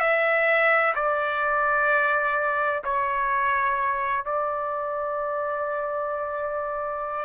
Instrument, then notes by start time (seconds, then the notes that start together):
trumpet
0.00 E5
0.96 D5
2.84 C#5
4.25 D5